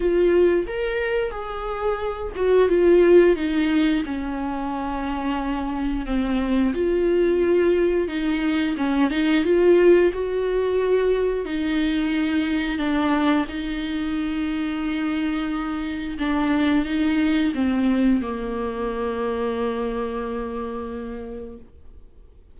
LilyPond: \new Staff \with { instrumentName = "viola" } { \time 4/4 \tempo 4 = 89 f'4 ais'4 gis'4. fis'8 | f'4 dis'4 cis'2~ | cis'4 c'4 f'2 | dis'4 cis'8 dis'8 f'4 fis'4~ |
fis'4 dis'2 d'4 | dis'1 | d'4 dis'4 c'4 ais4~ | ais1 | }